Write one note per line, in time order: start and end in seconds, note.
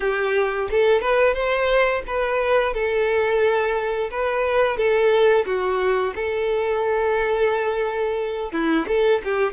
0.00 0.68 G4
0.70 1.01 A4
1.01 1.34 B4
1.34 2.02 C5
2.06 2.73 B4
2.73 4.09 A4
4.11 4.77 B4
4.77 5.45 A4
5.45 6.13 F#4
6.15 8.51 A4
8.51 8.85 E4
8.87 9.21 A4
9.24 9.52 G4